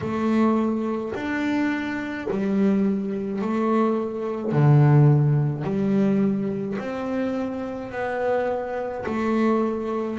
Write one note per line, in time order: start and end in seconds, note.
0.00 1.13 A3
1.14 2.27 D4
2.30 3.41 G3
3.41 4.51 A3
4.51 5.63 D3
5.63 6.77 G3
6.79 7.91 C4
7.91 9.05 B3
9.06 10.19 A3